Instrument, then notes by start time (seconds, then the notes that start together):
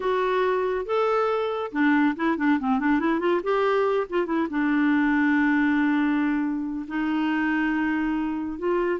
clarinet
0.00 F#4
0.85 A4
1.72 D4
2.16 E4
2.37 D4
2.59 C4
2.79 D4
2.99 E4
3.19 F4
3.43 G4
4.09 F4
4.26 E4
4.50 D4
6.87 D#4
8.58 F4